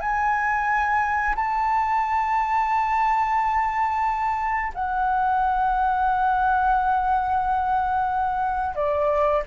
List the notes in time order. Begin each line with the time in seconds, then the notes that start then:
0.00 G#5
1.35 A5
4.74 F#5
8.75 D5